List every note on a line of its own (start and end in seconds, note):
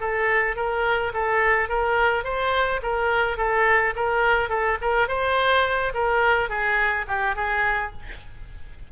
0.00 0.56 A4
0.56 1.13 A#4
1.14 1.69 A4
1.69 2.24 A#4
2.24 2.81 C5
2.83 3.38 A#4
3.38 3.94 A4
3.96 4.49 A#4
4.49 4.78 A4
4.82 5.08 A#4
5.08 5.93 C5
5.94 6.49 A#4
6.49 7.06 G#4
7.08 7.36 G4
7.36 7.92 G#4